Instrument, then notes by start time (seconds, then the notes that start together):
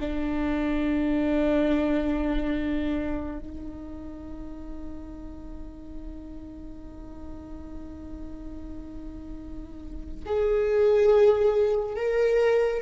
viola
0.00 D4
3.39 D#4
10.26 G#4
11.96 A#4